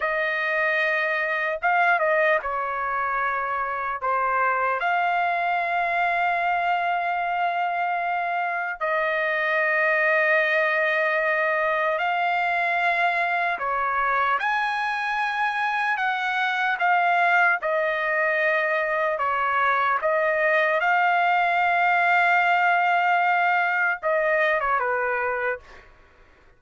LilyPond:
\new Staff \with { instrumentName = "trumpet" } { \time 4/4 \tempo 4 = 75 dis''2 f''8 dis''8 cis''4~ | cis''4 c''4 f''2~ | f''2. dis''4~ | dis''2. f''4~ |
f''4 cis''4 gis''2 | fis''4 f''4 dis''2 | cis''4 dis''4 f''2~ | f''2 dis''8. cis''16 b'4 | }